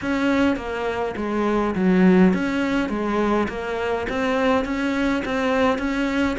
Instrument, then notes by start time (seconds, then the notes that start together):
cello
0.01 C#4
0.56 A#3
1.16 G#3
1.75 F#3
2.33 C#4
2.89 G#3
3.48 A#3
4.09 C4
4.64 C#4
5.24 C4
5.78 C#4